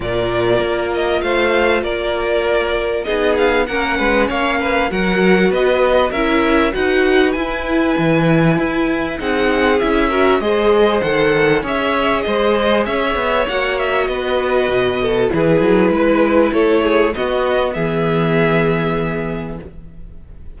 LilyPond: <<
  \new Staff \with { instrumentName = "violin" } { \time 4/4 \tempo 4 = 98 d''4. dis''8 f''4 d''4~ | d''4 dis''8 f''8 fis''4 f''4 | fis''4 dis''4 e''4 fis''4 | gis''2. fis''4 |
e''4 dis''4 fis''4 e''4 | dis''4 e''4 fis''8 e''8 dis''4~ | dis''4 b'2 cis''4 | dis''4 e''2. | }
  \new Staff \with { instrumentName = "violin" } { \time 4/4 ais'2 c''4 ais'4~ | ais'4 gis'4 ais'8 b'8 cis''8 b'8 | ais'4 b'4 ais'4 b'4~ | b'2. gis'4~ |
gis'8 ais'8 c''2 cis''4 | c''4 cis''2 b'4~ | b'8 a'8 gis'4 b'4 a'8 gis'8 | fis'4 gis'2. | }
  \new Staff \with { instrumentName = "viola" } { \time 4/4 f'1~ | f'4 dis'4 cis'2 | fis'2 e'4 fis'4 | e'2. dis'4 |
e'8 fis'8 gis'4 a'4 gis'4~ | gis'2 fis'2~ | fis'4 e'2. | b1 | }
  \new Staff \with { instrumentName = "cello" } { \time 4/4 ais,4 ais4 a4 ais4~ | ais4 b4 ais8 gis8 ais4 | fis4 b4 cis'4 dis'4 | e'4 e4 e'4 c'4 |
cis'4 gis4 dis4 cis'4 | gis4 cis'8 b8 ais4 b4 | b,4 e8 fis8 gis4 a4 | b4 e2. | }
>>